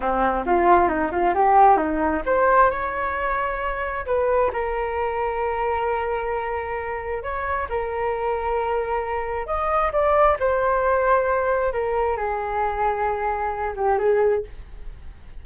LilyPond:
\new Staff \with { instrumentName = "flute" } { \time 4/4 \tempo 4 = 133 c'4 f'4 dis'8 f'8 g'4 | dis'4 c''4 cis''2~ | cis''4 b'4 ais'2~ | ais'1 |
cis''4 ais'2.~ | ais'4 dis''4 d''4 c''4~ | c''2 ais'4 gis'4~ | gis'2~ gis'8 g'8 gis'4 | }